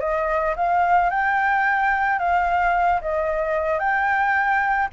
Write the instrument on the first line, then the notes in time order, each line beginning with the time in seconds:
flute
0.00 D#5
0.56 F5
1.10 G5
2.18 F5
3.01 D#5
3.79 G5